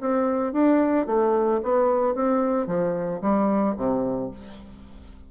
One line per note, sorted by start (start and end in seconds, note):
0.00 0.52 C4
0.52 1.06 D4
1.06 1.60 A3
1.62 2.14 B3
2.14 2.66 C4
2.66 3.20 F3
3.21 3.75 G3
3.76 4.30 C3